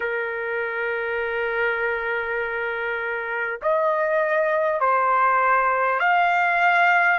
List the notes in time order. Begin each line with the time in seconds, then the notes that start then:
0.00 A#4
3.62 D#5
4.80 C5
5.99 F5